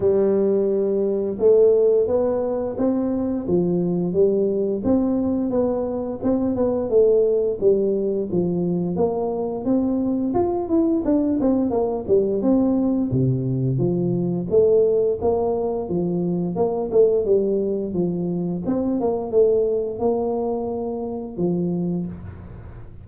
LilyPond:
\new Staff \with { instrumentName = "tuba" } { \time 4/4 \tempo 4 = 87 g2 a4 b4 | c'4 f4 g4 c'4 | b4 c'8 b8 a4 g4 | f4 ais4 c'4 f'8 e'8 |
d'8 c'8 ais8 g8 c'4 c4 | f4 a4 ais4 f4 | ais8 a8 g4 f4 c'8 ais8 | a4 ais2 f4 | }